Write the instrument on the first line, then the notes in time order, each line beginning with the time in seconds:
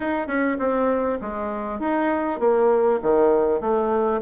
bassoon
0.00 D#4
0.27 C#4
0.58 C4
1.21 G#3
1.79 D#4
2.39 A#3
3.02 D#3
3.60 A3